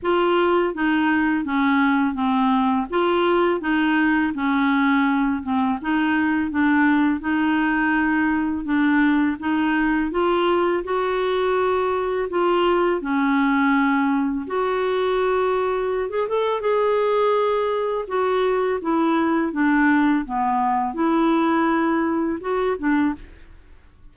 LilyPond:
\new Staff \with { instrumentName = "clarinet" } { \time 4/4 \tempo 4 = 83 f'4 dis'4 cis'4 c'4 | f'4 dis'4 cis'4. c'8 | dis'4 d'4 dis'2 | d'4 dis'4 f'4 fis'4~ |
fis'4 f'4 cis'2 | fis'2~ fis'16 gis'16 a'8 gis'4~ | gis'4 fis'4 e'4 d'4 | b4 e'2 fis'8 d'8 | }